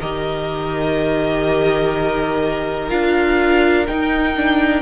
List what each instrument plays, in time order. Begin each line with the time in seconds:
0.00 cello D#3, viola G4, violin A#4 D#5
2.89 cello D4, viola F4, violin F5
3.87 viola D#4, cello D#4, violin G5
4.36 viola D4